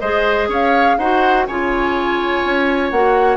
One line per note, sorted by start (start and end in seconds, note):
0.00 0.48 G#3
0.00 0.99 G#4
0.00 0.48 C5
0.00 0.48 D#5
0.48 0.96 C#4
0.48 0.97 C#5
0.48 0.98 F5
0.98 1.46 D#4
0.98 1.49 F#4
0.98 1.47 C5
0.98 1.46 F#5
1.47 2.43 C#3
1.47 2.93 F4
1.47 3.37 C#5
1.47 2.91 G#5
2.44 2.92 C#4
2.91 3.37 A#3
2.91 3.37 F#4
2.91 3.37 F#5